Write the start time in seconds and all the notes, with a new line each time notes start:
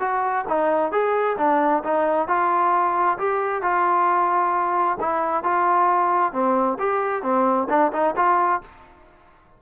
0.00 F#4
0.48 D#4
0.92 G#4
1.38 D4
1.84 D#4
2.28 F4
3.18 G4
3.62 F4
5.00 E4
5.43 F4
6.33 C4
6.79 G4
7.23 C4
7.69 D4
7.93 D#4
8.16 F4